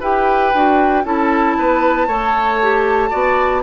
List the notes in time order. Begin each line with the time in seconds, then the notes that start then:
0.00 E4 G4 B4 G5
0.54 D4 F#4
1.04 C#4 E4 A4 A5
1.58 B3 B4
2.07 A3 A4 C#5
2.62 G4
3.10 B3 F#4 D5